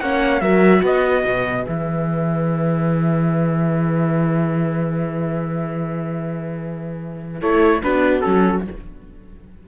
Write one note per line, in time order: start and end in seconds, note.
0.00 0.41 A#3
0.00 0.42 C#4
0.00 0.41 C#5
0.00 0.40 F#5
0.40 0.82 F#3
0.40 1.62 F#4
0.40 0.82 A#4
0.40 0.82 E5
0.82 1.24 B3
0.82 7.39 B4
0.82 1.65 D#5
1.24 1.66 B2
1.62 7.41 E3
1.62 7.38 G#4
1.62 7.41 E5
7.41 7.82 A3
7.41 7.82 E4
7.41 7.82 A4
7.41 7.82 C#5
7.82 8.24 B3
7.82 8.22 D4
7.82 8.65 F#4
7.82 8.21 B4
8.21 8.67 F#3
8.21 8.64 C#4
8.21 8.62 A4